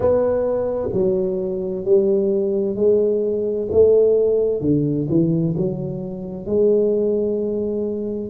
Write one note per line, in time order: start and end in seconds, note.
0.00 0.89 B3
0.93 1.85 F#3
1.85 2.75 G3
2.75 3.68 G#3
3.71 4.61 A3
4.61 5.07 D3
5.09 5.55 E3
5.57 6.46 F#3
6.46 8.30 G#3